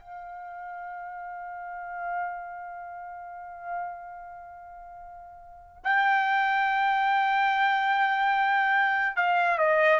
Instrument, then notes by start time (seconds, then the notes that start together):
trumpet
0.00 F5
5.84 G5
9.17 F5
9.58 D#5